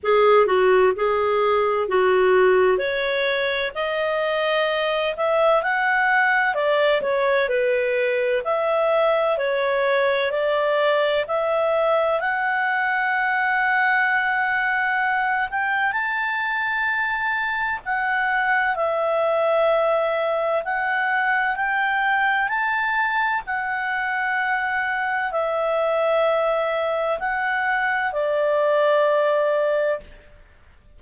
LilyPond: \new Staff \with { instrumentName = "clarinet" } { \time 4/4 \tempo 4 = 64 gis'8 fis'8 gis'4 fis'4 cis''4 | dis''4. e''8 fis''4 d''8 cis''8 | b'4 e''4 cis''4 d''4 | e''4 fis''2.~ |
fis''8 g''8 a''2 fis''4 | e''2 fis''4 g''4 | a''4 fis''2 e''4~ | e''4 fis''4 d''2 | }